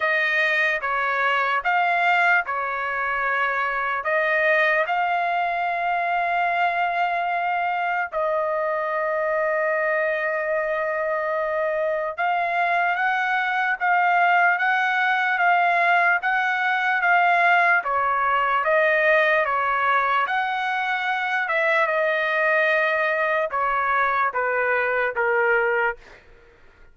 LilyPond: \new Staff \with { instrumentName = "trumpet" } { \time 4/4 \tempo 4 = 74 dis''4 cis''4 f''4 cis''4~ | cis''4 dis''4 f''2~ | f''2 dis''2~ | dis''2. f''4 |
fis''4 f''4 fis''4 f''4 | fis''4 f''4 cis''4 dis''4 | cis''4 fis''4. e''8 dis''4~ | dis''4 cis''4 b'4 ais'4 | }